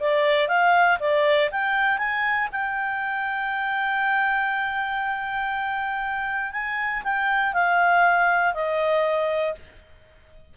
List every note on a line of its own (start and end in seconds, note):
0.00 0.48 D5
0.48 0.98 F5
0.99 1.50 D5
1.51 1.98 G5
1.98 2.48 G#5
2.52 6.52 G5
6.52 7.03 G#5
7.04 7.54 G5
7.54 8.54 F5
8.54 9.55 D#5